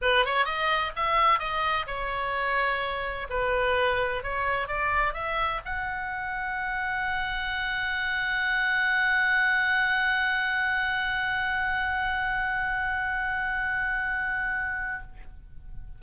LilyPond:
\new Staff \with { instrumentName = "oboe" } { \time 4/4 \tempo 4 = 128 b'8 cis''8 dis''4 e''4 dis''4 | cis''2. b'4~ | b'4 cis''4 d''4 e''4 | fis''1~ |
fis''1~ | fis''1~ | fis''1~ | fis''1 | }